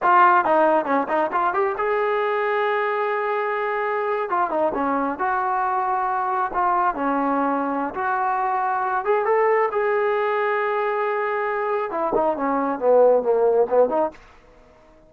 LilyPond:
\new Staff \with { instrumentName = "trombone" } { \time 4/4 \tempo 4 = 136 f'4 dis'4 cis'8 dis'8 f'8 g'8 | gis'1~ | gis'4.~ gis'16 f'8 dis'8 cis'4 fis'16~ | fis'2~ fis'8. f'4 cis'16~ |
cis'2 fis'2~ | fis'8 gis'8 a'4 gis'2~ | gis'2. e'8 dis'8 | cis'4 b4 ais4 b8 dis'8 | }